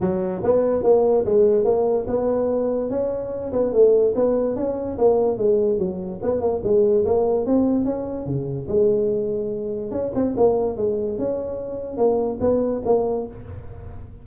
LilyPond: \new Staff \with { instrumentName = "tuba" } { \time 4/4 \tempo 4 = 145 fis4 b4 ais4 gis4 | ais4 b2 cis'4~ | cis'8 b8 a4 b4 cis'4 | ais4 gis4 fis4 b8 ais8 |
gis4 ais4 c'4 cis'4 | cis4 gis2. | cis'8 c'8 ais4 gis4 cis'4~ | cis'4 ais4 b4 ais4 | }